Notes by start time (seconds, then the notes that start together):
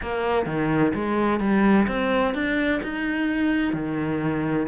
0.02 A#3
0.46 D#3
0.94 G#3
1.40 G3
1.87 C4
2.34 D4
2.83 D#4
3.73 D#3